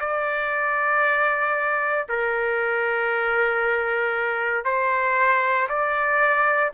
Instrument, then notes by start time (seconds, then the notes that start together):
trumpet
0.00 D5
2.09 A#4
4.65 C5
5.69 D5